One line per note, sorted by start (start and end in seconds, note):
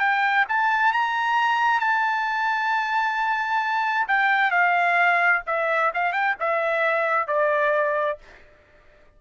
0.00 0.45 G5
0.49 0.93 A5
0.93 1.80 A#5
1.80 4.07 A5
4.08 4.51 G5
4.51 5.42 F5
5.47 5.93 E5
5.95 6.13 F5
6.13 6.36 G5
6.40 7.28 E5
7.28 8.19 D5